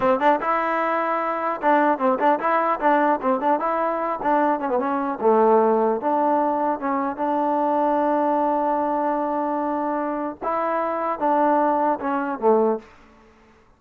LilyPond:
\new Staff \with { instrumentName = "trombone" } { \time 4/4 \tempo 4 = 150 c'8 d'8 e'2. | d'4 c'8 d'8 e'4 d'4 | c'8 d'8 e'4. d'4 cis'16 b16 | cis'4 a2 d'4~ |
d'4 cis'4 d'2~ | d'1~ | d'2 e'2 | d'2 cis'4 a4 | }